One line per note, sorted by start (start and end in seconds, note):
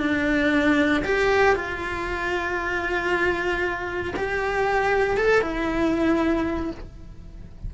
0.00 1.03 D4
1.05 1.56 G4
1.56 4.14 F4
4.17 5.17 G4
5.17 5.42 A4
5.42 6.71 E4